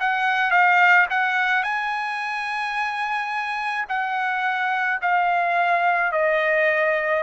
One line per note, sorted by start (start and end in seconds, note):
0.00 0.51 F#5
0.51 1.06 F5
1.10 1.63 F#5
1.63 3.85 G#5
3.88 4.99 F#5
5.02 6.12 F5
6.12 7.23 D#5